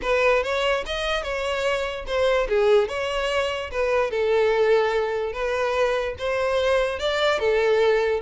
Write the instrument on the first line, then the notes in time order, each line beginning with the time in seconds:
violin
0.01 B4
0.43 C#5
0.86 D#5
1.22 C#5
2.06 C5
2.49 G#4
2.88 C#5
3.71 B4
4.10 A4
5.32 B4
6.18 C5
6.99 D5
7.39 A4